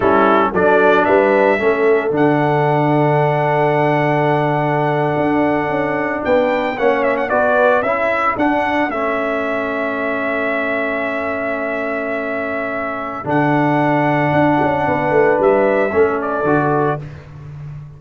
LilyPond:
<<
  \new Staff \with { instrumentName = "trumpet" } { \time 4/4 \tempo 4 = 113 a'4 d''4 e''2 | fis''1~ | fis''2.~ fis''8. g''16~ | g''8. fis''8 e''16 fis''16 d''4 e''4 fis''16~ |
fis''8. e''2.~ e''16~ | e''1~ | e''4 fis''2.~ | fis''4 e''4. d''4. | }
  \new Staff \with { instrumentName = "horn" } { \time 4/4 e'4 a'4 b'4 a'4~ | a'1~ | a'2.~ a'8. b'16~ | b'8. cis''4 b'4~ b'16 a'4~ |
a'1~ | a'1~ | a'1 | b'2 a'2 | }
  \new Staff \with { instrumentName = "trombone" } { \time 4/4 cis'4 d'2 cis'4 | d'1~ | d'1~ | d'8. cis'4 fis'4 e'4 d'16~ |
d'8. cis'2.~ cis'16~ | cis'1~ | cis'4 d'2.~ | d'2 cis'4 fis'4 | }
  \new Staff \with { instrumentName = "tuba" } { \time 4/4 g4 fis4 g4 a4 | d1~ | d4.~ d16 d'4 cis'4 b16~ | b8. ais4 b4 cis'4 d'16~ |
d'8. a2.~ a16~ | a1~ | a4 d2 d'8 cis'8 | b8 a8 g4 a4 d4 | }
>>